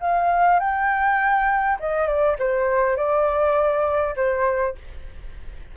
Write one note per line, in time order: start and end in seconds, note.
0.00 0.59 F5
0.59 1.78 G5
1.80 2.07 D#5
2.07 2.36 D5
2.39 2.96 C5
2.96 4.15 D5
4.16 4.75 C5